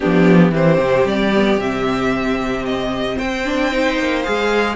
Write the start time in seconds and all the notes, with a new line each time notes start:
0.00 F3 B3 D4 G4
0.51 E3 C4 G4 C5
0.77 C3
1.05 G3 D5
1.34 B3
1.57 C3 C4 E5
2.65 D#5
3.16 C4 C5 G5
3.44 D4
3.71 D#4
3.98 A#3
4.22 G#3 G#4 F5